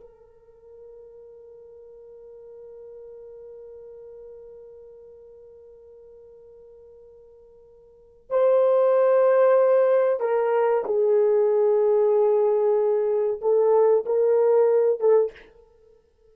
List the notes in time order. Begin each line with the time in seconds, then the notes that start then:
0.00 A#4
8.30 C5
10.20 A#4
10.85 G#4
13.41 A4
14.05 A#4
15.00 A4